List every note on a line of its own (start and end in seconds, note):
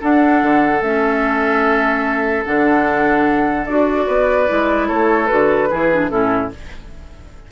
0.00 0.81 D4
0.00 0.42 D4
0.00 4.06 A4
0.00 0.82 F#5
0.42 0.81 D3
0.81 2.43 A3
0.81 2.45 C#4
0.81 2.44 E5
2.45 3.66 D3
2.45 3.66 D4
2.45 3.66 F#5
3.66 4.06 D4
3.66 4.47 F#4
3.66 4.87 D5
4.06 4.48 B3
4.06 4.87 B4
4.47 4.90 G#3
4.47 5.27 E4
4.87 5.30 A3
4.87 5.68 A4
4.87 5.26 C#5
5.26 5.71 D3
5.26 5.68 F#4
5.26 6.07 B4
5.70 6.10 E3
5.70 5.91 E4
5.70 6.10 G#4
5.92 6.09 D4
6.09 6.51 A2
6.09 6.50 C#4
6.09 6.51 E4
6.09 6.50 A4